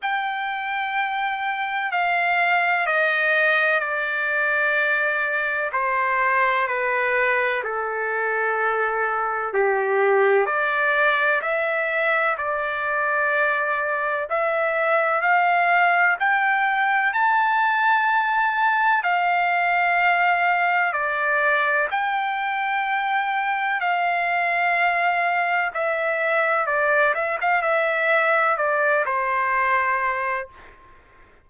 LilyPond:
\new Staff \with { instrumentName = "trumpet" } { \time 4/4 \tempo 4 = 63 g''2 f''4 dis''4 | d''2 c''4 b'4 | a'2 g'4 d''4 | e''4 d''2 e''4 |
f''4 g''4 a''2 | f''2 d''4 g''4~ | g''4 f''2 e''4 | d''8 e''16 f''16 e''4 d''8 c''4. | }